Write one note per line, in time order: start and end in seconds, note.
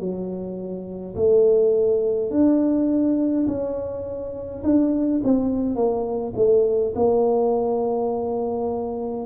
0.00 1.15 F#3
1.16 2.31 A3
2.31 3.47 D4
3.48 4.63 C#4
4.64 5.22 D4
5.24 5.76 C4
5.76 6.34 A#3
6.36 6.94 A3
6.96 9.27 A#3